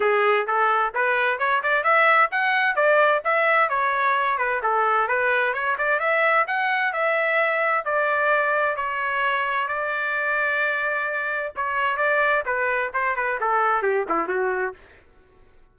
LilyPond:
\new Staff \with { instrumentName = "trumpet" } { \time 4/4 \tempo 4 = 130 gis'4 a'4 b'4 cis''8 d''8 | e''4 fis''4 d''4 e''4 | cis''4. b'8 a'4 b'4 | cis''8 d''8 e''4 fis''4 e''4~ |
e''4 d''2 cis''4~ | cis''4 d''2.~ | d''4 cis''4 d''4 b'4 | c''8 b'8 a'4 g'8 e'8 fis'4 | }